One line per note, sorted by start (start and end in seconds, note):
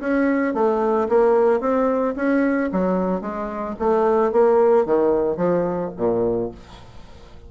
0.00 0.54 C#4
0.54 1.08 A3
1.09 1.60 A#3
1.60 2.14 C4
2.16 2.70 C#4
2.72 3.21 F#3
3.21 3.75 G#3
3.79 4.32 A3
4.32 4.86 A#3
4.86 5.37 D#3
5.37 5.91 F3
5.97 6.51 A#2